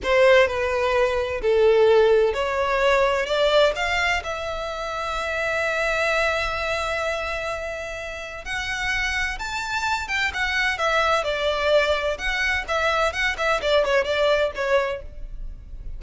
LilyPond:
\new Staff \with { instrumentName = "violin" } { \time 4/4 \tempo 4 = 128 c''4 b'2 a'4~ | a'4 cis''2 d''4 | f''4 e''2.~ | e''1~ |
e''2 fis''2 | a''4. g''8 fis''4 e''4 | d''2 fis''4 e''4 | fis''8 e''8 d''8 cis''8 d''4 cis''4 | }